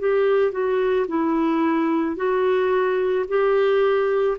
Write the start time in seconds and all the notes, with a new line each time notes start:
0.00 G4
0.53 F#4
1.09 E4
2.17 F#4
3.29 G4